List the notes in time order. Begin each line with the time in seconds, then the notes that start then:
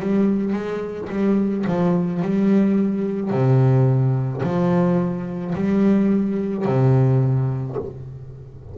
0.00 G3
0.53 G#3
1.10 G3
1.67 F3
2.23 G3
3.31 C3
4.43 F3
5.56 G3
6.66 C3